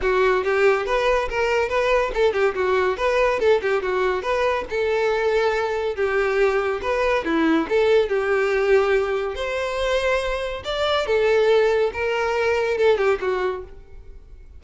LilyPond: \new Staff \with { instrumentName = "violin" } { \time 4/4 \tempo 4 = 141 fis'4 g'4 b'4 ais'4 | b'4 a'8 g'8 fis'4 b'4 | a'8 g'8 fis'4 b'4 a'4~ | a'2 g'2 |
b'4 e'4 a'4 g'4~ | g'2 c''2~ | c''4 d''4 a'2 | ais'2 a'8 g'8 fis'4 | }